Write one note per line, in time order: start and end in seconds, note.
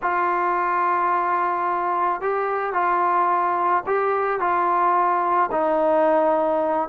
0.02 2.21 F4
2.21 2.73 G4
2.73 3.83 F4
3.86 4.40 G4
4.40 5.50 F4
5.51 6.89 D#4